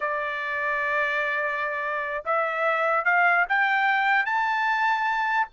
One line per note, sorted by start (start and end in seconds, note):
0.00 2.24 D5
2.25 3.04 E5
3.04 3.45 F5
3.48 4.25 G5
4.25 5.48 A5